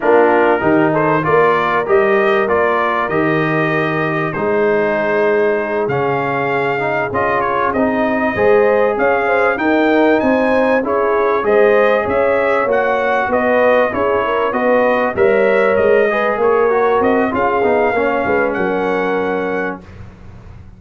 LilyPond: <<
  \new Staff \with { instrumentName = "trumpet" } { \time 4/4 \tempo 4 = 97 ais'4. c''8 d''4 dis''4 | d''4 dis''2 c''4~ | c''4. f''2 dis''8 | cis''8 dis''2 f''4 g''8~ |
g''8 gis''4 cis''4 dis''4 e''8~ | e''8 fis''4 dis''4 cis''4 dis''8~ | dis''8 e''4 dis''4 cis''4 dis''8 | f''2 fis''2 | }
  \new Staff \with { instrumentName = "horn" } { \time 4/4 f'4 g'8 a'8 ais'2~ | ais'2. gis'4~ | gis'1~ | gis'4. c''4 cis''8 c''8 ais'8~ |
ais'8 c''4 gis'4 c''4 cis''8~ | cis''4. b'4 gis'8 ais'8 b'8~ | b'8 cis''4. b'8 ais'4. | gis'4 cis''8 b'8 ais'2 | }
  \new Staff \with { instrumentName = "trombone" } { \time 4/4 d'4 dis'4 f'4 g'4 | f'4 g'2 dis'4~ | dis'4. cis'4. dis'8 f'8~ | f'8 dis'4 gis'2 dis'8~ |
dis'4. e'4 gis'4.~ | gis'8 fis'2 e'4 fis'8~ | fis'8 ais'4. gis'4 fis'4 | f'8 dis'8 cis'2. | }
  \new Staff \with { instrumentName = "tuba" } { \time 4/4 ais4 dis4 ais4 g4 | ais4 dis2 gis4~ | gis4. cis2 cis'8~ | cis'8 c'4 gis4 cis'4 dis'8~ |
dis'8 c'4 cis'4 gis4 cis'8~ | cis'8 ais4 b4 cis'4 b8~ | b8 g4 gis4 ais4 c'8 | cis'8 b8 ais8 gis8 fis2 | }
>>